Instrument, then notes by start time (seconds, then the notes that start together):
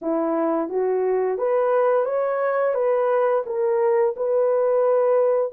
horn
0.01 E4
0.69 F#4
1.38 B4
2.05 C#5
2.74 B4
3.45 A#4
4.16 B4